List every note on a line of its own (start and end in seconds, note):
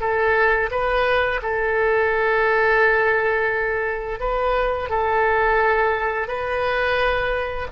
0.00 0.70 A4
0.71 1.41 B4
1.42 4.20 A4
4.20 4.90 B4
4.90 6.28 A4
6.28 7.67 B4